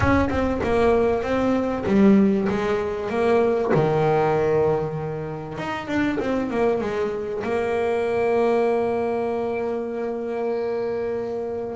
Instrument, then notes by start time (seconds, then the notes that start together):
double bass
0.00 C#4
0.29 C4
0.63 A#3
1.22 C4
1.86 G3
2.49 G#3
3.09 A#3
3.74 D#3
5.58 D#4
5.87 D4
6.19 C4
6.50 A#3
6.80 G#3
7.43 A#3